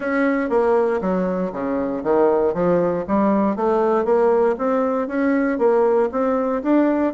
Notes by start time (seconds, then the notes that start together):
0.00 C#4
0.49 A#3
1.01 F#3
1.52 C#3
2.03 D#3
2.54 F3
3.07 G3
3.55 A3
4.04 A#3
4.58 C4
5.07 C#4
5.58 A#3
6.11 C4
6.62 D4